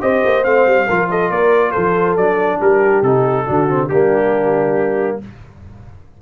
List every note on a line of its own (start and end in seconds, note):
0.00 0.24 C4
0.00 0.43 G4
0.00 0.87 C5
0.00 0.44 D#5
0.25 0.45 A#3
0.43 0.66 A3
0.43 0.86 C4
0.43 1.08 F5
0.66 0.88 G3
0.87 1.30 F3
0.87 2.19 F4
0.87 1.09 A#4
1.10 1.32 A4
1.10 1.31 D#5
1.30 1.73 A#3
1.30 1.71 A#4
1.30 1.71 D5
1.71 2.16 F3
1.71 2.58 A4
1.71 2.14 C5
2.16 2.59 F#3
2.16 3.05 D4
2.16 2.60 D5
2.60 3.02 G3
2.60 3.46 G4
2.60 3.03 A#4
3.02 3.45 C3
3.02 3.46 D#4
3.02 3.88 A4
3.46 3.90 D3
3.46 3.68 D4
3.46 3.89 F#4
3.68 3.90 C4
3.88 5.20 G3
3.88 5.21 A#3
3.88 5.19 D4
3.88 5.18 G4